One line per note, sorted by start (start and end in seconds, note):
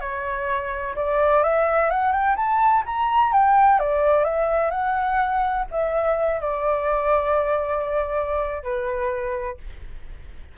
0.00 0.94 C#5
0.96 1.43 D5
1.43 1.90 E5
1.90 2.12 F#5
2.12 2.35 G5
2.36 2.83 A5
2.85 3.32 A#5
3.32 3.79 G5
3.79 4.24 D5
4.24 4.71 E5
4.71 5.65 F#5
5.71 6.40 E5
6.40 8.63 D5
8.63 9.57 B4